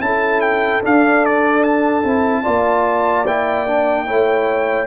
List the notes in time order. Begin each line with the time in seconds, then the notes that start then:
0.00 C#4 E4 A4 A5
0.41 G5
0.82 D4 F5
1.26 D5
1.64 A5
2.04 C4 E4
2.43 A#3 F4 D5
3.27 E4 G5
3.67 D4
4.06 A3 E4 C#5